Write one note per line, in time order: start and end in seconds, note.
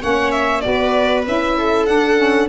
0.00 0.66 A#3
0.00 0.62 C#4
0.00 0.63 C#5
0.00 0.31 F#5
0.31 0.61 E5
0.61 1.28 B3
0.61 1.23 F#4
0.61 1.23 D5
0.68 1.58 B4
1.26 1.88 C#4
1.26 1.87 E4
1.26 1.86 E5
1.58 2.49 A4
1.86 2.17 D4
1.86 2.49 D4
1.86 2.48 F#5
2.17 2.48 C#4